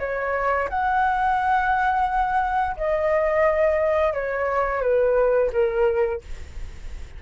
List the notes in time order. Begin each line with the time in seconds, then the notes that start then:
0.00 C#5
0.70 F#5
2.77 D#5
4.14 C#5
4.82 B4
5.53 A#4